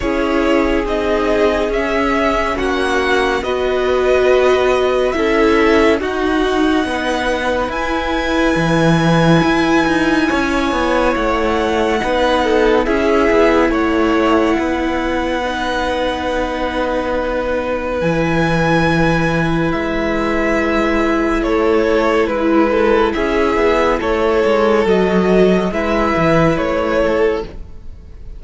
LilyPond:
<<
  \new Staff \with { instrumentName = "violin" } { \time 4/4 \tempo 4 = 70 cis''4 dis''4 e''4 fis''4 | dis''2 e''4 fis''4~ | fis''4 gis''2.~ | gis''4 fis''2 e''4 |
fis''1~ | fis''4 gis''2 e''4~ | e''4 cis''4 b'4 e''4 | cis''4 dis''4 e''4 cis''4 | }
  \new Staff \with { instrumentName = "violin" } { \time 4/4 gis'2. fis'4 | b'2 a'4 fis'4 | b'1 | cis''2 b'8 a'8 gis'4 |
cis''4 b'2.~ | b'1~ | b'4 a'4 e'8 a'8 gis'4 | a'2 b'4. a'8 | }
  \new Staff \with { instrumentName = "viola" } { \time 4/4 e'4 dis'4 cis'2 | fis'2 e'4 dis'4~ | dis'4 e'2.~ | e'2 dis'4 e'4~ |
e'2 dis'2~ | dis'4 e'2.~ | e'1~ | e'4 fis'4 e'2 | }
  \new Staff \with { instrumentName = "cello" } { \time 4/4 cis'4 c'4 cis'4 ais4 | b2 cis'4 dis'4 | b4 e'4 e4 e'8 dis'8 | cis'8 b8 a4 b4 cis'8 b8 |
a4 b2.~ | b4 e2 gis4~ | gis4 a4 gis4 cis'8 b8 | a8 gis8 fis4 gis8 e8 a4 | }
>>